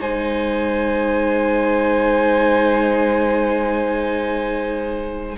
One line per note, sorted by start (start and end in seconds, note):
0.00 5.36 G#3
0.00 5.36 D#4
0.00 5.37 C5
0.00 5.37 G#5